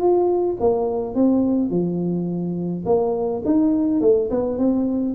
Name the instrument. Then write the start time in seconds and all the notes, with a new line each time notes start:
tuba
0.00 F4
0.60 A#3
1.15 C4
1.70 F3
2.86 A#3
3.45 D#4
4.01 A3
4.31 B3
4.58 C4